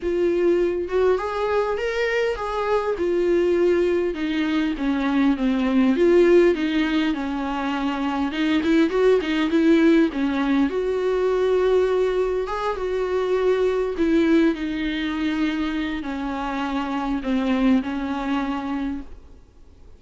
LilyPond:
\new Staff \with { instrumentName = "viola" } { \time 4/4 \tempo 4 = 101 f'4. fis'8 gis'4 ais'4 | gis'4 f'2 dis'4 | cis'4 c'4 f'4 dis'4 | cis'2 dis'8 e'8 fis'8 dis'8 |
e'4 cis'4 fis'2~ | fis'4 gis'8 fis'2 e'8~ | e'8 dis'2~ dis'8 cis'4~ | cis'4 c'4 cis'2 | }